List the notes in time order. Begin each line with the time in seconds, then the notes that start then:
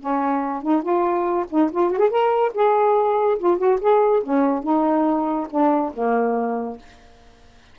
0.00 C#4
0.62 D#4
0.82 F4
1.50 D#4
1.71 F4
1.91 F#4
1.99 G#4
2.10 A#4
2.54 G#4
3.38 F4
3.58 F#4
3.80 G#4
4.23 C#4
4.63 D#4
5.50 D4
5.93 A#3